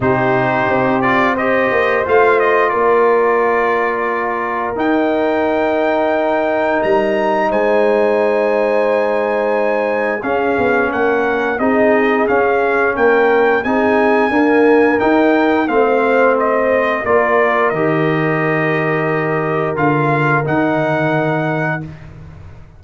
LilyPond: <<
  \new Staff \with { instrumentName = "trumpet" } { \time 4/4 \tempo 4 = 88 c''4. d''8 dis''4 f''8 dis''8 | d''2. g''4~ | g''2 ais''4 gis''4~ | gis''2. f''4 |
fis''4 dis''4 f''4 g''4 | gis''2 g''4 f''4 | dis''4 d''4 dis''2~ | dis''4 f''4 fis''2 | }
  \new Staff \with { instrumentName = "horn" } { \time 4/4 g'2 c''2 | ais'1~ | ais'2. c''4~ | c''2. gis'4 |
ais'4 gis'2 ais'4 | gis'4 ais'2 c''4~ | c''4 ais'2.~ | ais'1 | }
  \new Staff \with { instrumentName = "trombone" } { \time 4/4 dis'4. f'8 g'4 f'4~ | f'2. dis'4~ | dis'1~ | dis'2. cis'4~ |
cis'4 dis'4 cis'2 | dis'4 ais4 dis'4 c'4~ | c'4 f'4 g'2~ | g'4 f'4 dis'2 | }
  \new Staff \with { instrumentName = "tuba" } { \time 4/4 c4 c'4. ais8 a4 | ais2. dis'4~ | dis'2 g4 gis4~ | gis2. cis'8 b8 |
ais4 c'4 cis'4 ais4 | c'4 d'4 dis'4 a4~ | a4 ais4 dis2~ | dis4 d4 dis2 | }
>>